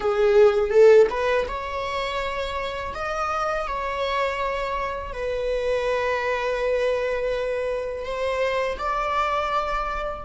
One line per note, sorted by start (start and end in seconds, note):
0.00 0.70 G#4
0.70 1.07 A4
1.10 1.46 B4
1.47 2.94 C#5
2.94 3.67 D#5
3.68 5.13 C#5
5.13 8.05 B4
8.05 8.78 C5
8.78 10.24 D5